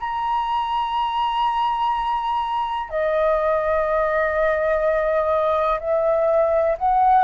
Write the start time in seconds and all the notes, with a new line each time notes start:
0.00 A#5
2.89 D#5
5.80 E5
6.78 F#5